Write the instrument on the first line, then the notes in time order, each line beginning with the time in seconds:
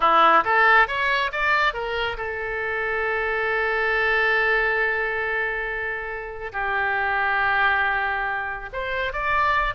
oboe
0.00 E4
0.44 A4
0.87 C#5
1.32 D5
1.73 A#4
2.17 A4
6.52 G4
8.73 C5
9.12 D5